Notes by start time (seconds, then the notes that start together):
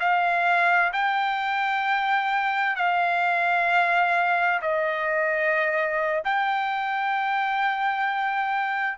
0.00 F5
0.93 G5
2.76 F5
4.62 D#5
6.24 G5